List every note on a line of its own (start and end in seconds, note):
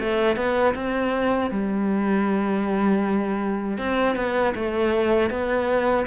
0.00 0.36 A3
0.36 0.74 B3
0.75 1.51 C4
1.51 3.78 G3
3.78 4.16 C4
4.16 4.54 B3
4.55 5.30 A3
5.30 6.06 B3